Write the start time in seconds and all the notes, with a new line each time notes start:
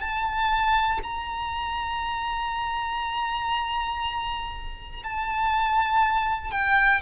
0.00 A5
1.03 A#5
5.03 A5
6.51 G5